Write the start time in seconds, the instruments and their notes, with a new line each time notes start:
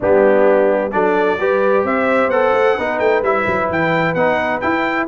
0.00 tuba G3, trombone B3, horn D4, trumpet G4
0.91 tuba F#3, trombone D4, horn A4, trumpet D5
1.39 tuba G3, trombone G4, horn B4
1.84 tuba C4, horn C5, trumpet E5
2.28 tuba B3, trombone A4, trumpet F#5
2.52 tuba A3
2.76 tuba B3, trombone D#4, horn B4
2.99 tuba A3, trumpet G5
3.22 tuba G3, trombone E4, trumpet E5
3.46 tuba F#3
3.69 tuba E3, trumpet G5
4.14 tuba B3, trombone D#4, trumpet F#5
4.60 trombone E4, tuba E4, trumpet G5